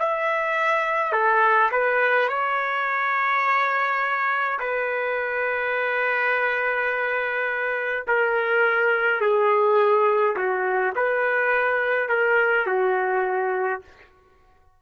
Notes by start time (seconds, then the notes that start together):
0.00 E5
1.13 A4
1.72 B4
2.29 C#5
4.60 B4
8.08 A#4
9.21 G#4
10.37 F#4
10.96 B4
12.09 A#4
12.67 F#4